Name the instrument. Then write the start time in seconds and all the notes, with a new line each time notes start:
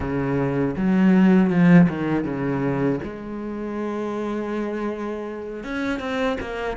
cello
0.00 C#3
0.76 F#3
1.50 F3
1.89 D#3
2.24 C#3
3.03 G#3
5.63 C#4
5.99 C4
6.40 A#3